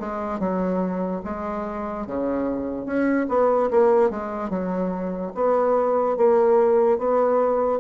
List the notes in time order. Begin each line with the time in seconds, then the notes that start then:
0.00 G#3
0.40 F#3
1.24 G#3
2.07 C#3
2.86 C#4
3.29 B3
3.71 A#3
4.10 G#3
4.50 F#3
5.35 B3
6.17 A#3
6.98 B3